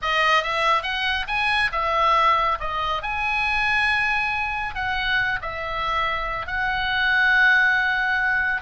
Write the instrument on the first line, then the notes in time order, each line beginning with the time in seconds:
oboe
0.02 D#5
0.43 E5
0.82 F#5
1.27 G#5
1.71 E5
2.60 D#5
3.02 G#5
4.74 F#5
5.41 E5
6.46 F#5